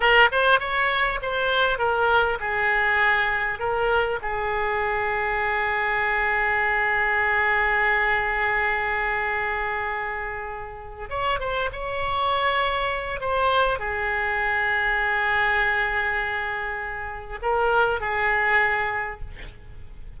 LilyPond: \new Staff \with { instrumentName = "oboe" } { \time 4/4 \tempo 4 = 100 ais'8 c''8 cis''4 c''4 ais'4 | gis'2 ais'4 gis'4~ | gis'1~ | gis'1~ |
gis'2~ gis'8 cis''8 c''8 cis''8~ | cis''2 c''4 gis'4~ | gis'1~ | gis'4 ais'4 gis'2 | }